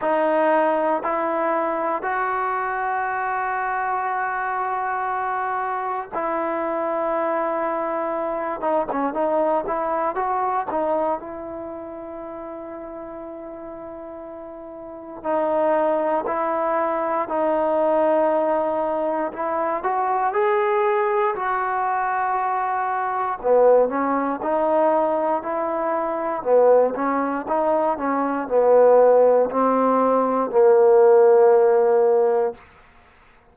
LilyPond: \new Staff \with { instrumentName = "trombone" } { \time 4/4 \tempo 4 = 59 dis'4 e'4 fis'2~ | fis'2 e'2~ | e'8 dis'16 cis'16 dis'8 e'8 fis'8 dis'8 e'4~ | e'2. dis'4 |
e'4 dis'2 e'8 fis'8 | gis'4 fis'2 b8 cis'8 | dis'4 e'4 b8 cis'8 dis'8 cis'8 | b4 c'4 ais2 | }